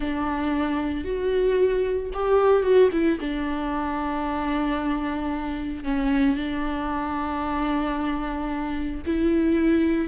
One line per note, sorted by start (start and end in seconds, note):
0.00 1.04 D4
1.04 2.10 F#4
2.13 2.62 G4
2.62 2.89 F#4
2.92 3.18 E4
3.20 5.84 D4
5.84 6.36 C#4
6.36 9.01 D4
9.06 10.07 E4